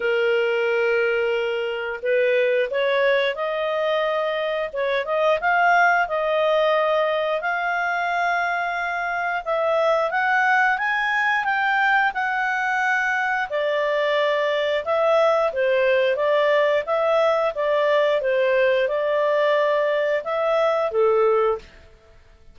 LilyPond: \new Staff \with { instrumentName = "clarinet" } { \time 4/4 \tempo 4 = 89 ais'2. b'4 | cis''4 dis''2 cis''8 dis''8 | f''4 dis''2 f''4~ | f''2 e''4 fis''4 |
gis''4 g''4 fis''2 | d''2 e''4 c''4 | d''4 e''4 d''4 c''4 | d''2 e''4 a'4 | }